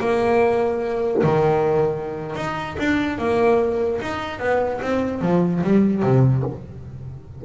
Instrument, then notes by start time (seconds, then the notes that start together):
double bass
0.00 A#3
1.23 D#3
2.36 D#4
2.79 D4
3.18 A#3
4.01 D#4
4.40 B3
4.81 C4
5.21 F3
5.63 G3
6.03 C3